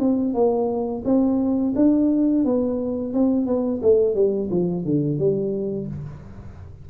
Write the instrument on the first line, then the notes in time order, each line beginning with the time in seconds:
tuba
0.00 C4
0.34 A#3
1.05 C4
1.76 D4
2.45 B3
3.14 C4
3.47 B3
3.83 A3
4.15 G3
4.51 F3
4.86 D3
5.19 G3